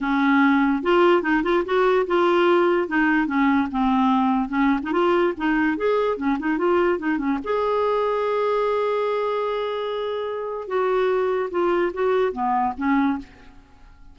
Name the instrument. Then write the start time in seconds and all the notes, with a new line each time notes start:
clarinet
0.00 C#4
0.82 F4
1.22 D#4
1.43 F4
1.65 F#4
2.06 F4
2.88 D#4
3.27 C#4
3.71 C4
4.48 C#4
4.83 D#4
4.92 F4
5.37 D#4
5.77 G#4
6.17 C#4
6.39 D#4
6.58 F4
6.99 D#4
7.17 C#4
7.43 G#4
10.67 F#4
11.51 F4
11.93 F#4
12.32 B3
12.77 C#4